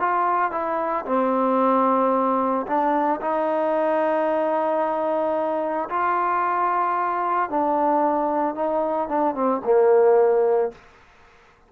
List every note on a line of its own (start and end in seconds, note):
0.00 0.52 F4
0.52 1.05 E4
1.06 2.66 C4
2.67 3.20 D4
3.21 5.89 D#4
5.90 7.50 F4
7.50 8.55 D4
8.55 9.09 D#4
9.09 9.35 D4
9.35 9.62 C4
9.65 10.72 A#3